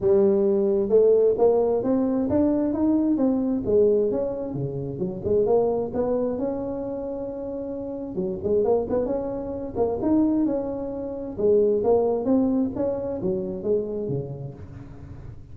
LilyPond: \new Staff \with { instrumentName = "tuba" } { \time 4/4 \tempo 4 = 132 g2 a4 ais4 | c'4 d'4 dis'4 c'4 | gis4 cis'4 cis4 fis8 gis8 | ais4 b4 cis'2~ |
cis'2 fis8 gis8 ais8 b8 | cis'4. ais8 dis'4 cis'4~ | cis'4 gis4 ais4 c'4 | cis'4 fis4 gis4 cis4 | }